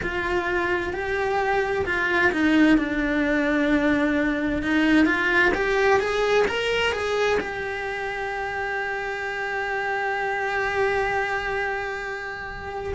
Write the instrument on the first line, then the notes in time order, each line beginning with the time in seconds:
cello
0.02 F4
0.93 G4
1.85 F4
2.32 D#4
2.77 D4
4.62 D#4
5.05 F4
5.54 G4
6.00 G#4
6.47 A#4
6.92 G#4
7.40 G4